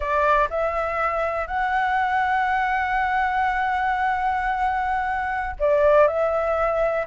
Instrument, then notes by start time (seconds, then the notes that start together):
flute
0.00 D5
0.50 E5
1.47 F#5
5.59 D5
6.07 E5